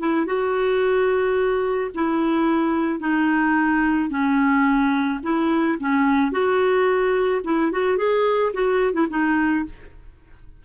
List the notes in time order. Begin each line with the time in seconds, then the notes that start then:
0.00 E4
0.27 F#4
1.95 E4
3.00 D#4
4.10 C#4
5.23 E4
5.80 C#4
6.32 F#4
7.45 E4
7.72 F#4
7.98 G#4
8.54 F#4
8.94 E4
9.10 D#4